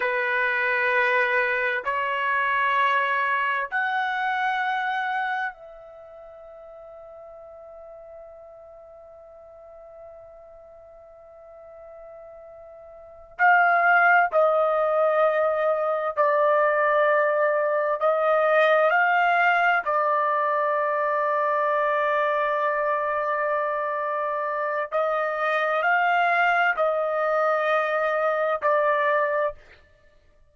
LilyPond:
\new Staff \with { instrumentName = "trumpet" } { \time 4/4 \tempo 4 = 65 b'2 cis''2 | fis''2 e''2~ | e''1~ | e''2~ e''8 f''4 dis''8~ |
dis''4. d''2 dis''8~ | dis''8 f''4 d''2~ d''8~ | d''2. dis''4 | f''4 dis''2 d''4 | }